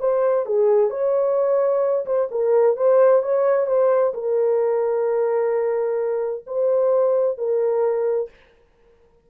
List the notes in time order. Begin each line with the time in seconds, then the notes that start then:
0.00 C5
0.46 G#4
0.90 C#5
2.06 C5
2.31 A#4
2.77 C5
3.23 C#5
3.67 C5
4.14 A#4
6.47 C5
7.38 A#4